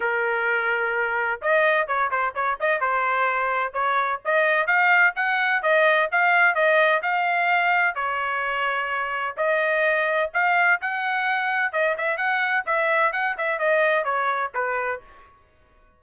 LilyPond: \new Staff \with { instrumentName = "trumpet" } { \time 4/4 \tempo 4 = 128 ais'2. dis''4 | cis''8 c''8 cis''8 dis''8 c''2 | cis''4 dis''4 f''4 fis''4 | dis''4 f''4 dis''4 f''4~ |
f''4 cis''2. | dis''2 f''4 fis''4~ | fis''4 dis''8 e''8 fis''4 e''4 | fis''8 e''8 dis''4 cis''4 b'4 | }